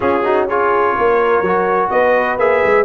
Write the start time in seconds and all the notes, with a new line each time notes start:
0.00 C#4 F4 G#4
0.23 D#4 F#4
0.47 F4 G#4 C#5
0.96 A#3 A#4
1.41 F#3 F#4
1.90 B3 B4 D#5
2.37 A#3 G#4 E5
2.64 G#3